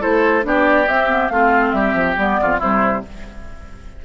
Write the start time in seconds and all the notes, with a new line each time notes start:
0.00 A3 E4 A4 C5
0.42 B3 D4 G4 D5
0.87 C4 E5
1.08 B3
1.29 A3 C4 F4 F5
1.71 G3 G4 E5
1.93 F3
2.16 G3 B3 D5
2.41 F2 F4
2.59 C3 G3 E4 C5